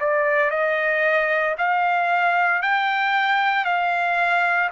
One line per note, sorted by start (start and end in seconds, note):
0.00 0.51 D5
0.51 1.56 D#5
1.58 2.62 F5
2.62 3.65 G5
3.65 4.70 F5